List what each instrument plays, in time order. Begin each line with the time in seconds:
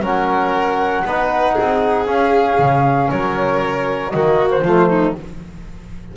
0.00 double bass F#3, trombone C#4, violin A#4, flute F#5
1.04 double bass B3, trombone D#4, violin B4
1.54 double bass C4, violin G#4
2.06 trombone C#4, double bass C#4, flute F5
2.58 double bass C#3
3.10 double bass F#3, violin A#4, flute C#5
4.10 double bass D#3, trombone A#3, violin F#4, flute D#5
4.50 flute C5
4.62 double bass F3, trombone A3, violin F4
4.89 violin D#4